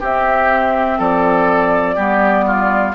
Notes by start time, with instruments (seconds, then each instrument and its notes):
0.00 bassoon C4, clarinet C4, oboe G4, flute E5
0.98 bassoon F3, oboe A4, flute D5
1.95 bassoon G3, clarinet B3, oboe G4
2.47 oboe F4